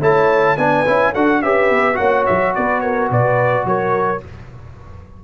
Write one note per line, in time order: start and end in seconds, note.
0.00 0.56 A3
0.00 0.57 E4
0.00 0.56 C#5
0.00 0.57 A5
0.57 0.86 B3
0.57 0.86 D4
0.57 1.12 B4
0.57 1.13 G#5
0.86 1.15 C#4
0.86 1.14 E4
1.12 1.43 D4
1.12 1.43 F#4
1.12 1.40 A4
1.12 1.42 F#5
1.42 1.70 C#4
1.42 1.94 G4
1.42 1.98 B4
1.42 1.96 E5
1.70 1.98 B3
1.94 2.27 A#3
1.94 4.18 F#4
1.94 2.54 C#5
1.94 2.24 F#5
2.26 2.57 F#3
2.26 2.54 E5
2.55 3.10 B3
2.55 2.83 B4
2.55 2.80 D5
2.80 3.10 A#4
2.80 3.08 C#5
3.10 3.65 B2
3.10 3.66 B4
3.10 3.67 D5
3.65 4.21 F#3
3.65 4.24 A#4
3.65 4.23 C#5